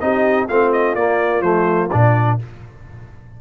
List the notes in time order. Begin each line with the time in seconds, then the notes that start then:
0.00 C4 D#4 G4 D#5
0.48 A3 C4 F4 F5
0.72 D#5
0.95 A#3 D5
1.41 F3 A3 C5
1.91 A#2 D4 D5